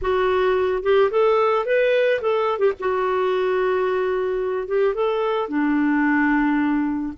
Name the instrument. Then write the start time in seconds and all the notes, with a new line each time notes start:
clarinet
0.01 F#4
0.83 G4
1.10 A4
1.65 B4
2.21 A4
2.58 G4
2.79 F#4
4.67 G4
4.94 A4
5.48 D4